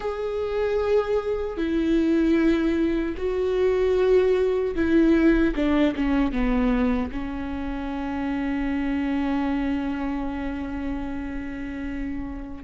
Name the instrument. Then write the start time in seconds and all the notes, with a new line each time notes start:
viola
0.00 G#4
1.57 E4
3.17 F#4
4.75 E4
5.55 D4
5.95 C#4
6.32 B3
7.11 C#4